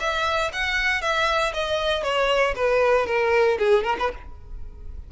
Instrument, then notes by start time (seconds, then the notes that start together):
violin
0.00 E5
0.53 F#5
1.01 E5
1.54 D#5
2.03 C#5
2.55 B4
3.07 A#4
3.59 G#4
3.84 A#4
3.99 B4